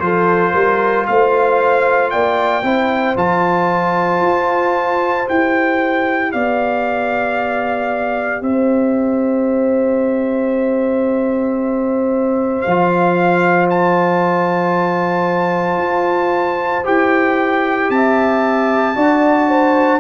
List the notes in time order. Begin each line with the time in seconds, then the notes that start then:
0.00 F3 F4 A4 C5
0.53 G3 A#4
1.07 A3 C5 F5
2.11 A#3 D5 G5
2.64 C4 E4 C5
3.17 F3 F4 A5
4.22 F4
5.27 E4 G4 G5
6.33 B3 D5 F5
8.42 C4 C5 E5
12.62 F3 F4 F5
13.70 A5
15.78 F4
16.84 E4 G4 G5
17.90 C4 E5 A5
18.95 D4 F#4 D5
19.49 C5